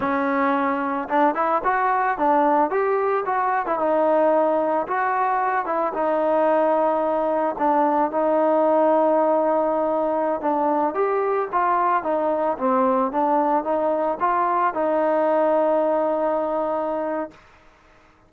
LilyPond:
\new Staff \with { instrumentName = "trombone" } { \time 4/4 \tempo 4 = 111 cis'2 d'8 e'8 fis'4 | d'4 g'4 fis'8. e'16 dis'4~ | dis'4 fis'4. e'8 dis'4~ | dis'2 d'4 dis'4~ |
dis'2.~ dis'16 d'8.~ | d'16 g'4 f'4 dis'4 c'8.~ | c'16 d'4 dis'4 f'4 dis'8.~ | dis'1 | }